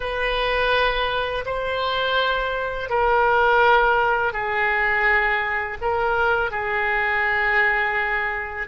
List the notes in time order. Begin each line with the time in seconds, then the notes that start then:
0.00 B4
1.45 C5
2.89 A#4
4.32 G#4
5.81 A#4
6.51 G#4